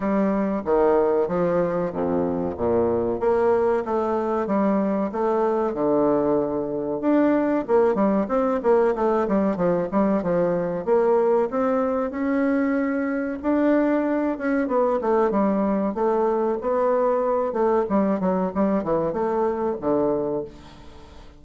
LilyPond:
\new Staff \with { instrumentName = "bassoon" } { \time 4/4 \tempo 4 = 94 g4 dis4 f4 f,4 | ais,4 ais4 a4 g4 | a4 d2 d'4 | ais8 g8 c'8 ais8 a8 g8 f8 g8 |
f4 ais4 c'4 cis'4~ | cis'4 d'4. cis'8 b8 a8 | g4 a4 b4. a8 | g8 fis8 g8 e8 a4 d4 | }